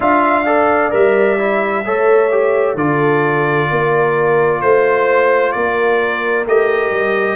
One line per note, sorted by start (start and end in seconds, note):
0.00 0.92 D4
0.00 0.45 F4
0.00 0.45 E5
0.00 0.93 F5
0.45 0.90 A4
0.45 1.84 D5
0.90 1.85 G3
0.90 1.37 A#4
0.90 2.77 E5
1.38 1.84 E4
1.85 2.74 A3
1.85 2.31 A4
1.85 2.76 C#5
2.31 2.77 G4
2.74 3.67 D3
2.74 6.46 F4
2.74 3.68 A4
2.74 4.61 D5
3.69 4.61 A#3
3.69 4.61 A#4
4.61 5.53 A3
4.61 5.52 C5
4.61 5.54 C5
5.52 6.46 A#3
5.52 7.35 A#4
5.52 6.44 D5
6.46 6.91 A3
6.46 7.35 G4
6.46 7.35 D#5
6.91 7.35 G3